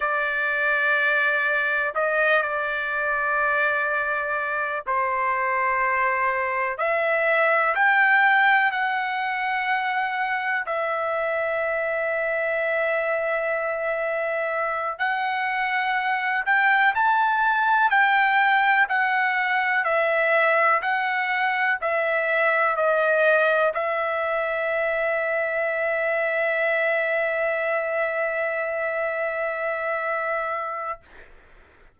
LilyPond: \new Staff \with { instrumentName = "trumpet" } { \time 4/4 \tempo 4 = 62 d''2 dis''8 d''4.~ | d''4 c''2 e''4 | g''4 fis''2 e''4~ | e''2.~ e''8 fis''8~ |
fis''4 g''8 a''4 g''4 fis''8~ | fis''8 e''4 fis''4 e''4 dis''8~ | dis''8 e''2.~ e''8~ | e''1 | }